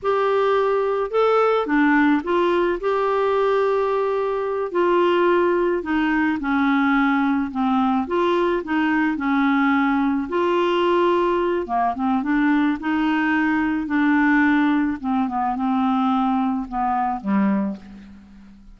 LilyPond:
\new Staff \with { instrumentName = "clarinet" } { \time 4/4 \tempo 4 = 108 g'2 a'4 d'4 | f'4 g'2.~ | g'8 f'2 dis'4 cis'8~ | cis'4. c'4 f'4 dis'8~ |
dis'8 cis'2 f'4.~ | f'4 ais8 c'8 d'4 dis'4~ | dis'4 d'2 c'8 b8 | c'2 b4 g4 | }